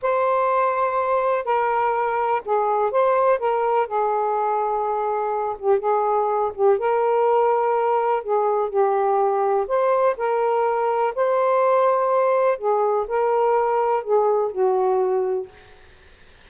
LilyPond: \new Staff \with { instrumentName = "saxophone" } { \time 4/4 \tempo 4 = 124 c''2. ais'4~ | ais'4 gis'4 c''4 ais'4 | gis'2.~ gis'8 g'8 | gis'4. g'8 ais'2~ |
ais'4 gis'4 g'2 | c''4 ais'2 c''4~ | c''2 gis'4 ais'4~ | ais'4 gis'4 fis'2 | }